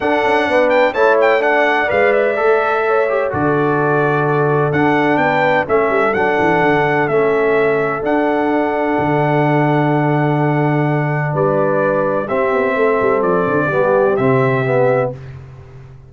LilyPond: <<
  \new Staff \with { instrumentName = "trumpet" } { \time 4/4 \tempo 4 = 127 fis''4. g''8 a''8 g''8 fis''4 | f''8 e''2~ e''8 d''4~ | d''2 fis''4 g''4 | e''4 fis''2 e''4~ |
e''4 fis''2.~ | fis''1 | d''2 e''2 | d''2 e''2 | }
  \new Staff \with { instrumentName = "horn" } { \time 4/4 a'4 b'4 cis''4 d''4~ | d''2 cis''4 a'4~ | a'2. b'4 | a'1~ |
a'1~ | a'1 | b'2 g'4 a'4~ | a'4 g'2. | }
  \new Staff \with { instrumentName = "trombone" } { \time 4/4 d'2 e'4 d'4 | b'4 a'4. g'8 fis'4~ | fis'2 d'2 | cis'4 d'2 cis'4~ |
cis'4 d'2.~ | d'1~ | d'2 c'2~ | c'4 b4 c'4 b4 | }
  \new Staff \with { instrumentName = "tuba" } { \time 4/4 d'8 cis'8 b4 a2 | gis4 a2 d4~ | d2 d'4 b4 | a8 g8 fis8 e8 d4 a4~ |
a4 d'2 d4~ | d1 | g2 c'8 b8 a8 g8 | f8 d8 g4 c2 | }
>>